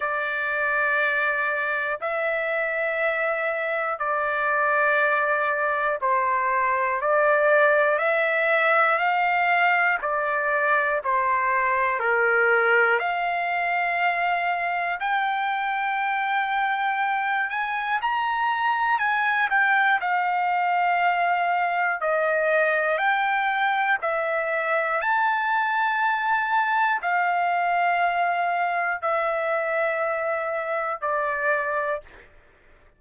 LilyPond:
\new Staff \with { instrumentName = "trumpet" } { \time 4/4 \tempo 4 = 60 d''2 e''2 | d''2 c''4 d''4 | e''4 f''4 d''4 c''4 | ais'4 f''2 g''4~ |
g''4. gis''8 ais''4 gis''8 g''8 | f''2 dis''4 g''4 | e''4 a''2 f''4~ | f''4 e''2 d''4 | }